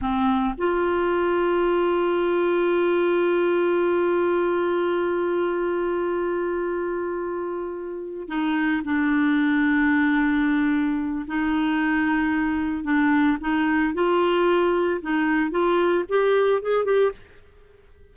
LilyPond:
\new Staff \with { instrumentName = "clarinet" } { \time 4/4 \tempo 4 = 112 c'4 f'2.~ | f'1~ | f'1~ | f'2.~ f'8 dis'8~ |
dis'8 d'2.~ d'8~ | d'4 dis'2. | d'4 dis'4 f'2 | dis'4 f'4 g'4 gis'8 g'8 | }